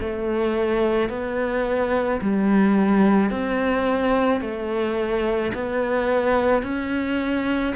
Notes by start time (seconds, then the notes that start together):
0.00 A3
1.09 B3
2.22 G3
3.31 C4
4.41 A3
5.54 B3
6.63 C#4